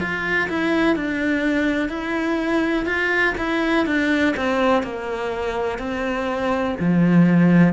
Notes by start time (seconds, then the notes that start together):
0.00 F4
0.49 E4
0.96 D4
1.89 E4
2.86 F4
3.38 E4
3.86 D4
4.37 C4
4.83 A#3
5.79 C4
6.80 F3